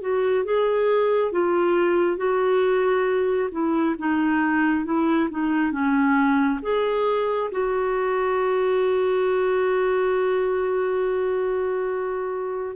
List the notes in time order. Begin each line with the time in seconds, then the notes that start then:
0.00 F#4
0.44 G#4
1.32 F4
2.17 F#4
3.51 E4
3.98 D#4
4.85 E4
5.30 D#4
5.71 C#4
6.62 G#4
7.51 F#4